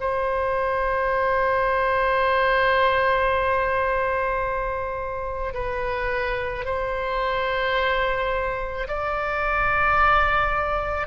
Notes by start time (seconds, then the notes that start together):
0.00 C5
5.54 B4
6.65 C5
8.87 D5